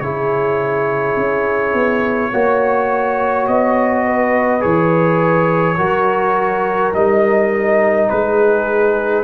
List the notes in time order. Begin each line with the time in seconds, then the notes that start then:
0.00 C#3 E4 G#4 C#5
1.16 C#4
1.73 B3
2.31 A#3 F#4 C#5
3.47 B3 D#5
4.05 B4
4.60 E3 G#4 C#5
5.77 F#3 F#4 A#4
6.94 G3 D#4 D#5
8.09 G#3 G#4 B4